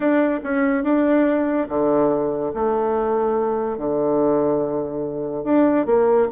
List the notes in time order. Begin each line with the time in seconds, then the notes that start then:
0.00 D4
0.43 C#4
0.83 D4
1.68 D3
2.54 A3
3.77 D3
5.44 D4
5.86 A#3